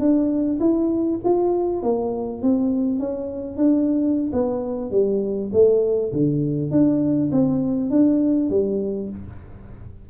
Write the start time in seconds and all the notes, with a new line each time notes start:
0.00 D4
0.60 E4
1.24 F4
1.83 A#3
2.42 C4
3.00 C#4
3.57 D4
4.33 B3
4.91 G3
5.53 A3
6.13 D3
6.71 D4
7.32 C4
7.91 D4
8.50 G3